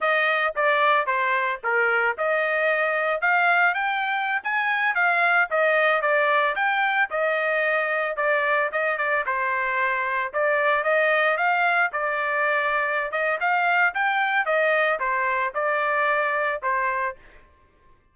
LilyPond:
\new Staff \with { instrumentName = "trumpet" } { \time 4/4 \tempo 4 = 112 dis''4 d''4 c''4 ais'4 | dis''2 f''4 g''4~ | g''16 gis''4 f''4 dis''4 d''8.~ | d''16 g''4 dis''2 d''8.~ |
d''16 dis''8 d''8 c''2 d''8.~ | d''16 dis''4 f''4 d''4.~ d''16~ | d''8 dis''8 f''4 g''4 dis''4 | c''4 d''2 c''4 | }